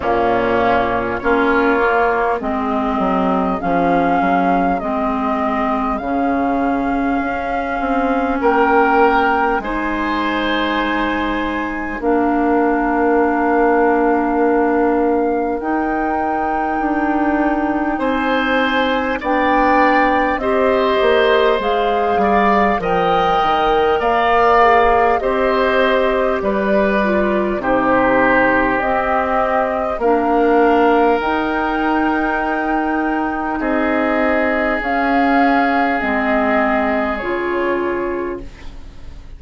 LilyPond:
<<
  \new Staff \with { instrumentName = "flute" } { \time 4/4 \tempo 4 = 50 f'4 cis''4 dis''4 f''4 | dis''4 f''2 g''4 | gis''2 f''2~ | f''4 g''2 gis''4 |
g''4 dis''4 f''4 g''4 | f''4 dis''4 d''4 c''4 | dis''4 f''4 g''2 | dis''4 f''4 dis''4 cis''4 | }
  \new Staff \with { instrumentName = "oboe" } { \time 4/4 cis'4 f'4 gis'2~ | gis'2. ais'4 | c''2 ais'2~ | ais'2. c''4 |
d''4 c''4. d''8 dis''4 | d''4 c''4 b'4 g'4~ | g'4 ais'2. | gis'1 | }
  \new Staff \with { instrumentName = "clarinet" } { \time 4/4 ais4 cis'8 ais8 c'4 cis'4 | c'4 cis'2. | dis'2 d'2~ | d'4 dis'2. |
d'4 g'4 gis'4 ais'4~ | ais'8 gis'8 g'4. f'8 dis'4 | c'4 d'4 dis'2~ | dis'4 cis'4 c'4 f'4 | }
  \new Staff \with { instrumentName = "bassoon" } { \time 4/4 ais,4 ais4 gis8 fis8 f8 fis8 | gis4 cis4 cis'8 c'8 ais4 | gis2 ais2~ | ais4 dis'4 d'4 c'4 |
b4 c'8 ais8 gis8 g8 f8 dis8 | ais4 c'4 g4 c4 | c'4 ais4 dis'2 | c'4 cis'4 gis4 cis4 | }
>>